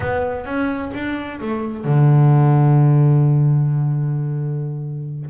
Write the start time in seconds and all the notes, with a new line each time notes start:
0.00 B3
0.45 C#4
0.93 D4
1.40 A3
1.84 D3